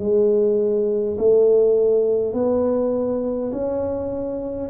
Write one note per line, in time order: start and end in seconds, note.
0.00 1.18 G#3
1.18 2.34 A3
2.34 3.52 B3
3.52 4.70 C#4